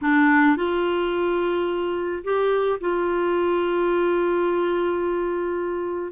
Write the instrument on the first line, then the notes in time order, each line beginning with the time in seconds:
clarinet
0.01 D4
0.56 F4
2.24 G4
2.80 F4